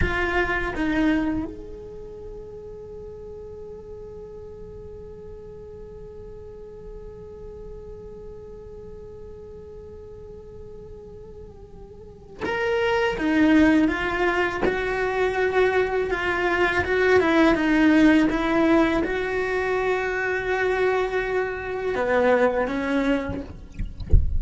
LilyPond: \new Staff \with { instrumentName = "cello" } { \time 4/4 \tempo 4 = 82 f'4 dis'4 gis'2~ | gis'1~ | gis'1~ | gis'1~ |
gis'4 ais'4 dis'4 f'4 | fis'2 f'4 fis'8 e'8 | dis'4 e'4 fis'2~ | fis'2 b4 cis'4 | }